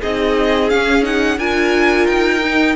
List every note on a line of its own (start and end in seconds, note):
0.00 0.71 C4
0.00 0.71 D#4
0.00 1.38 G#4
0.00 0.69 D#5
0.69 1.03 C#4
0.69 1.38 C#4
0.69 1.04 F5
1.03 1.37 D#4
1.03 1.39 F#5
1.38 2.07 D4
1.38 2.42 F4
1.38 2.76 A#4
1.38 2.06 G#5
2.06 2.76 D#4
2.06 2.75 G5
2.42 2.76 D#4